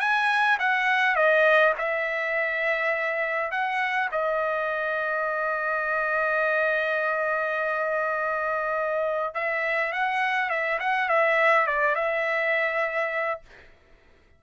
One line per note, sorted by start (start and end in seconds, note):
0.00 0.58 G#5
0.60 1.16 F#5
1.16 1.74 D#5
1.78 3.51 E5
3.51 4.10 F#5
4.12 9.35 D#5
9.35 9.92 E5
9.92 10.50 F#5
10.50 10.79 E5
10.80 11.09 F#5
11.09 11.67 E5
11.67 11.95 D5
11.95 13.41 E5